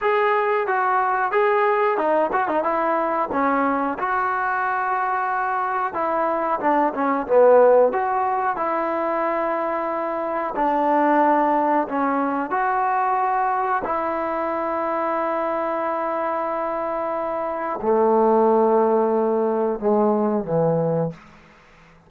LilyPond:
\new Staff \with { instrumentName = "trombone" } { \time 4/4 \tempo 4 = 91 gis'4 fis'4 gis'4 dis'8 fis'16 dis'16 | e'4 cis'4 fis'2~ | fis'4 e'4 d'8 cis'8 b4 | fis'4 e'2. |
d'2 cis'4 fis'4~ | fis'4 e'2.~ | e'2. a4~ | a2 gis4 e4 | }